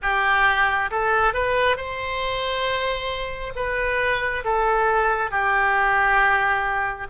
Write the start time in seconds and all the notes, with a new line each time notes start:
0.02 G4
0.90 A4
1.33 B4
1.76 C5
3.55 B4
4.44 A4
5.30 G4